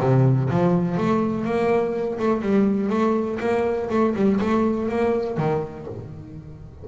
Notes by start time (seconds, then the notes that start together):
0.00 C3
0.50 F3
0.97 A3
1.44 A#3
2.19 A3
2.42 G3
2.89 A3
3.40 A#3
3.90 A3
4.15 G3
4.40 A3
4.89 A#3
5.37 D#3